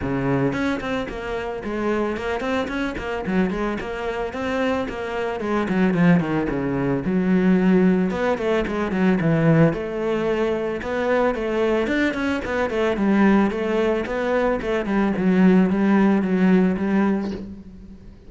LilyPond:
\new Staff \with { instrumentName = "cello" } { \time 4/4 \tempo 4 = 111 cis4 cis'8 c'8 ais4 gis4 | ais8 c'8 cis'8 ais8 fis8 gis8 ais4 | c'4 ais4 gis8 fis8 f8 dis8 | cis4 fis2 b8 a8 |
gis8 fis8 e4 a2 | b4 a4 d'8 cis'8 b8 a8 | g4 a4 b4 a8 g8 | fis4 g4 fis4 g4 | }